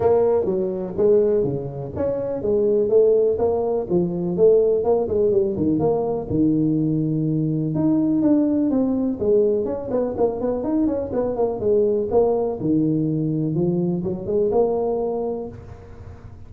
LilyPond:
\new Staff \with { instrumentName = "tuba" } { \time 4/4 \tempo 4 = 124 ais4 fis4 gis4 cis4 | cis'4 gis4 a4 ais4 | f4 a4 ais8 gis8 g8 dis8 | ais4 dis2. |
dis'4 d'4 c'4 gis4 | cis'8 b8 ais8 b8 dis'8 cis'8 b8 ais8 | gis4 ais4 dis2 | f4 fis8 gis8 ais2 | }